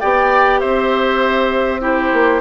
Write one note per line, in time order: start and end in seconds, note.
0.00 0.63 B3
0.00 1.80 G4
0.00 0.60 D5
0.00 0.60 G5
0.60 2.13 C4
0.60 1.81 C5
0.60 1.81 E5
1.80 2.41 E4
1.80 2.41 G4
1.80 2.41 C5
2.13 2.41 A#3